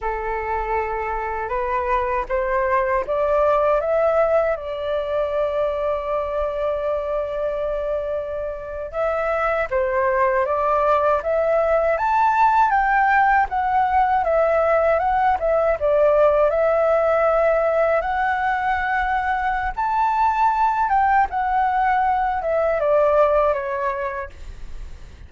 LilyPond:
\new Staff \with { instrumentName = "flute" } { \time 4/4 \tempo 4 = 79 a'2 b'4 c''4 | d''4 e''4 d''2~ | d''2.~ d''8. e''16~ | e''8. c''4 d''4 e''4 a''16~ |
a''8. g''4 fis''4 e''4 fis''16~ | fis''16 e''8 d''4 e''2 fis''16~ | fis''2 a''4. g''8 | fis''4. e''8 d''4 cis''4 | }